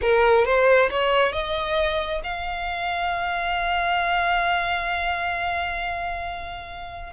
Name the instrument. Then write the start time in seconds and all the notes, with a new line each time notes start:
violin
0.01 A#4
0.45 C5
0.90 C#5
1.32 D#5
2.23 F5